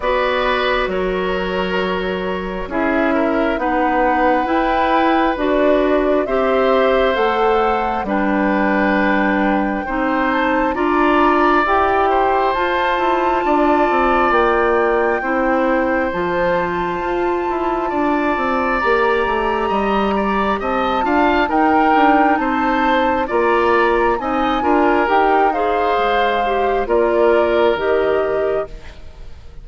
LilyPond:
<<
  \new Staff \with { instrumentName = "flute" } { \time 4/4 \tempo 4 = 67 d''4 cis''2 e''4 | fis''4 g''4 d''4 e''4 | fis''4 g''2~ g''8 a''8 | ais''4 g''4 a''2 |
g''2 a''2~ | a''4 ais''2 a''4 | g''4 a''4 ais''4 gis''4 | g''8 f''4. d''4 dis''4 | }
  \new Staff \with { instrumentName = "oboe" } { \time 4/4 b'4 ais'2 gis'8 ais'8 | b'2. c''4~ | c''4 b'2 c''4 | d''4. c''4. d''4~ |
d''4 c''2. | d''2 dis''8 d''8 dis''8 f''8 | ais'4 c''4 d''4 dis''8 ais'8~ | ais'8 c''4. ais'2 | }
  \new Staff \with { instrumentName = "clarinet" } { \time 4/4 fis'2. e'4 | dis'4 e'4 fis'4 g'4 | a'4 d'2 dis'4 | f'4 g'4 f'2~ |
f'4 e'4 f'2~ | f'4 g'2~ g'8 f'8 | dis'2 f'4 dis'8 f'8 | g'8 gis'4 g'8 f'4 g'4 | }
  \new Staff \with { instrumentName = "bassoon" } { \time 4/4 b4 fis2 cis'4 | b4 e'4 d'4 c'4 | a4 g2 c'4 | d'4 e'4 f'8 e'8 d'8 c'8 |
ais4 c'4 f4 f'8 e'8 | d'8 c'8 ais8 a8 g4 c'8 d'8 | dis'8 d'8 c'4 ais4 c'8 d'8 | dis'4 gis4 ais4 dis4 | }
>>